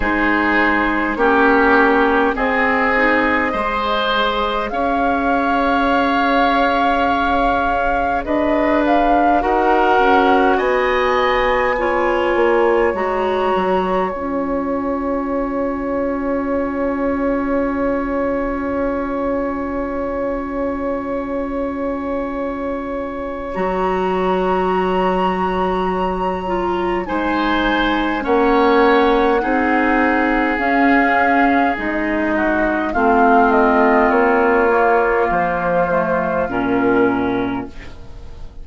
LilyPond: <<
  \new Staff \with { instrumentName = "flute" } { \time 4/4 \tempo 4 = 51 c''4 cis''4 dis''2 | f''2. dis''8 f''8 | fis''4 gis''2 ais''4 | gis''1~ |
gis''1 | ais''2. gis''4 | fis''2 f''4 dis''4 | f''8 dis''8 cis''4 c''4 ais'4 | }
  \new Staff \with { instrumentName = "oboe" } { \time 4/4 gis'4 g'4 gis'4 c''4 | cis''2. b'4 | ais'4 dis''4 cis''2~ | cis''1~ |
cis''1~ | cis''2. c''4 | cis''4 gis'2~ gis'8 fis'8 | f'1 | }
  \new Staff \with { instrumentName = "clarinet" } { \time 4/4 dis'4 cis'4 c'8 dis'8 gis'4~ | gis'1 | fis'2 f'4 fis'4 | f'1~ |
f'1 | fis'2~ fis'8 f'8 dis'4 | cis'4 dis'4 cis'4 dis'4 | c'4. ais4 a8 cis'4 | }
  \new Staff \with { instrumentName = "bassoon" } { \time 4/4 gis4 ais4 c'4 gis4 | cis'2. d'4 | dis'8 cis'8 b4. ais8 gis8 fis8 | cis'1~ |
cis'1 | fis2. gis4 | ais4 c'4 cis'4 gis4 | a4 ais4 f4 ais,4 | }
>>